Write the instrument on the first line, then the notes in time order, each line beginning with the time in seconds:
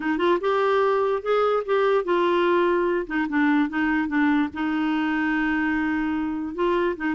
clarinet
0.00 D#4
0.18 F4
0.40 G4
1.22 G#4
1.65 G4
2.04 F4
3.06 D#4
3.29 D4
3.69 D#4
4.07 D4
4.53 D#4
6.55 F4
6.96 D#4